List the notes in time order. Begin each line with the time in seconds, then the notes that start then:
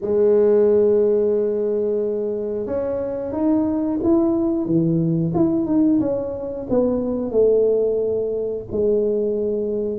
0.01 G#3
2.66 C#4
3.32 D#4
4.03 E4
4.65 E3
5.34 E4
5.66 D#4
6.00 C#4
6.69 B3
7.31 A3
8.71 G#3